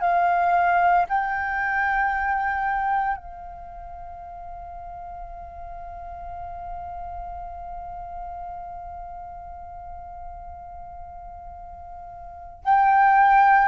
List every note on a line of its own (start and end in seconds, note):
0.00 1.05 F5
1.09 3.17 G5
3.17 12.63 F5
12.63 13.67 G5